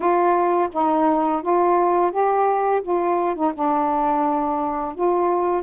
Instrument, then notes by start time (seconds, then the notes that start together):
saxophone
0.00 F4
0.72 D#4
1.42 F4
2.11 G4
2.82 F4
3.35 D#4
3.54 D4
4.94 F4